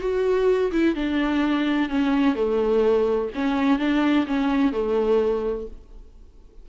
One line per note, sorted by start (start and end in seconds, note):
0.00 0.71 F#4
0.71 0.95 E4
0.95 1.89 D4
1.89 2.35 C#4
2.35 3.29 A3
3.34 3.78 C#4
3.78 4.25 D4
4.26 4.72 C#4
4.72 5.66 A3